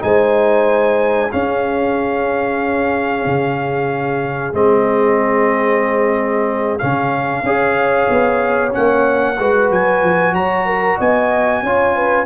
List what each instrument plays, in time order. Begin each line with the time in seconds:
0.00 tuba G#3, trombone D#4, horn C5, trumpet G#5
1.31 trombone C#4, tuba C#4, horn G#4, trumpet F5
3.25 tuba C#3
4.53 tuba G#3, trombone C4, trumpet D#5
6.78 tuba C#3, trombone C#4, trumpet F5
7.43 tuba C#4, trombone G#4, horn C#5
8.09 tuba B3
8.71 trombone C#4, trumpet F#5
8.77 tuba A#3
9.39 tuba G#3, trombone F#4, horn B4
9.70 tuba F#3, trumpet G#5
10.02 tuba F3
10.32 tuba F#3, horn C#5, trumpet A#5
10.66 horn A#4
10.97 tuba B3, horn D#5, trumpet G#5
11.62 tuba C#4, trombone F4, horn C#5
11.95 horn B4